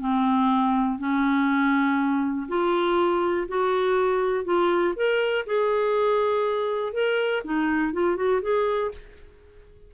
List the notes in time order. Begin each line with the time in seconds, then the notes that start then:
0.00 C4
0.99 C#4
2.49 F4
3.48 F#4
4.45 F4
4.96 A#4
5.47 G#4
6.93 A#4
7.44 D#4
7.93 F4
8.17 F#4
8.42 G#4